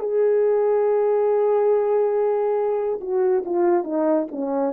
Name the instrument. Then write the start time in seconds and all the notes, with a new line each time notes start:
horn
0.00 G#4
3.01 F#4
3.46 F4
3.84 D#4
4.31 C#4